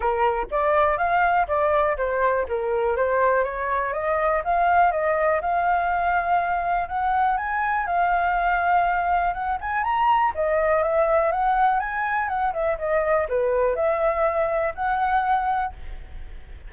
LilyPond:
\new Staff \with { instrumentName = "flute" } { \time 4/4 \tempo 4 = 122 ais'4 d''4 f''4 d''4 | c''4 ais'4 c''4 cis''4 | dis''4 f''4 dis''4 f''4~ | f''2 fis''4 gis''4 |
f''2. fis''8 gis''8 | ais''4 dis''4 e''4 fis''4 | gis''4 fis''8 e''8 dis''4 b'4 | e''2 fis''2 | }